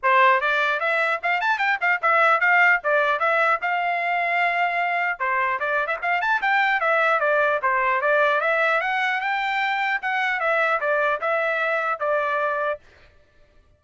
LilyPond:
\new Staff \with { instrumentName = "trumpet" } { \time 4/4 \tempo 4 = 150 c''4 d''4 e''4 f''8 a''8 | g''8 f''8 e''4 f''4 d''4 | e''4 f''2.~ | f''4 c''4 d''8. e''16 f''8 a''8 |
g''4 e''4 d''4 c''4 | d''4 e''4 fis''4 g''4~ | g''4 fis''4 e''4 d''4 | e''2 d''2 | }